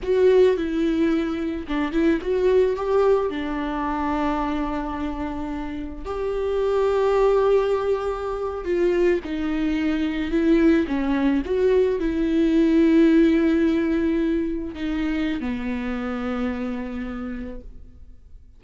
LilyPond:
\new Staff \with { instrumentName = "viola" } { \time 4/4 \tempo 4 = 109 fis'4 e'2 d'8 e'8 | fis'4 g'4 d'2~ | d'2. g'4~ | g'2.~ g'8. f'16~ |
f'8. dis'2 e'4 cis'16~ | cis'8. fis'4 e'2~ e'16~ | e'2~ e'8. dis'4~ dis'16 | b1 | }